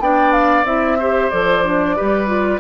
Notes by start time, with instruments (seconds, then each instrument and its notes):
0.00 bassoon B3, clarinet D4, oboe D5, flute G5
0.33 flute F5
0.65 bassoon C4, clarinet E4, flute E5
0.99 clarinet G4, oboe C5
1.30 bassoon F3, clarinet A4, flute D5
1.65 clarinet D4
1.97 bassoon G3, clarinet G4, oboe B4
2.27 clarinet F4